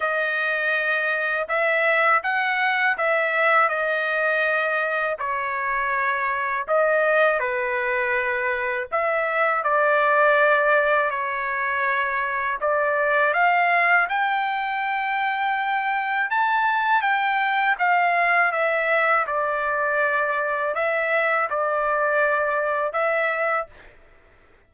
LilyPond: \new Staff \with { instrumentName = "trumpet" } { \time 4/4 \tempo 4 = 81 dis''2 e''4 fis''4 | e''4 dis''2 cis''4~ | cis''4 dis''4 b'2 | e''4 d''2 cis''4~ |
cis''4 d''4 f''4 g''4~ | g''2 a''4 g''4 | f''4 e''4 d''2 | e''4 d''2 e''4 | }